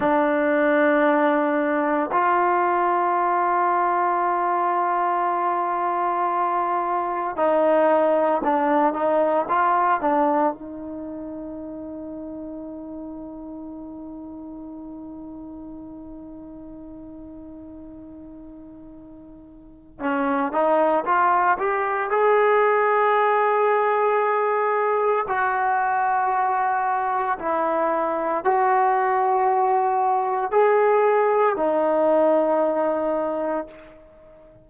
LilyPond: \new Staff \with { instrumentName = "trombone" } { \time 4/4 \tempo 4 = 57 d'2 f'2~ | f'2. dis'4 | d'8 dis'8 f'8 d'8 dis'2~ | dis'1~ |
dis'2. cis'8 dis'8 | f'8 g'8 gis'2. | fis'2 e'4 fis'4~ | fis'4 gis'4 dis'2 | }